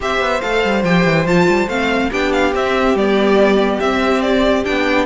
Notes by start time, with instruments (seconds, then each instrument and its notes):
0.00 cello C4, viola G4, violin C5 E5
0.20 cello B3
0.41 cello A3, viola A4, violin F5
0.64 cello G3
0.84 cello F3, viola G4, violin G5
1.04 cello E3
1.25 cello F3, viola F4, violin A5
1.48 cello G3
1.67 cello A3, viola C4, violin F5
2.10 cello B3, viola D4, violin G4 G5
2.32 violin F5
2.54 cello C4, viola C4, violin E5
2.95 cello G3, viola B3, violin D5
3.80 cello C4, viola C4, violin E5
4.21 violin D5
4.64 cello B3, viola D4, violin G5